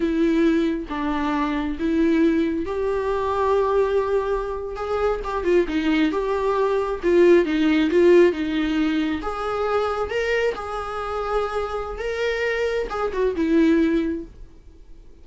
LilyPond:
\new Staff \with { instrumentName = "viola" } { \time 4/4 \tempo 4 = 135 e'2 d'2 | e'2 g'2~ | g'2~ g'8. gis'4 g'16~ | g'16 f'8 dis'4 g'2 f'16~ |
f'8. dis'4 f'4 dis'4~ dis'16~ | dis'8. gis'2 ais'4 gis'16~ | gis'2. ais'4~ | ais'4 gis'8 fis'8 e'2 | }